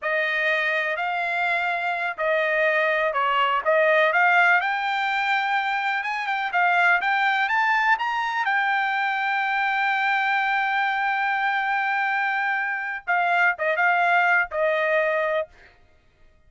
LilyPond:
\new Staff \with { instrumentName = "trumpet" } { \time 4/4 \tempo 4 = 124 dis''2 f''2~ | f''8 dis''2 cis''4 dis''8~ | dis''8 f''4 g''2~ g''8~ | g''8 gis''8 g''8 f''4 g''4 a''8~ |
a''8 ais''4 g''2~ g''8~ | g''1~ | g''2. f''4 | dis''8 f''4. dis''2 | }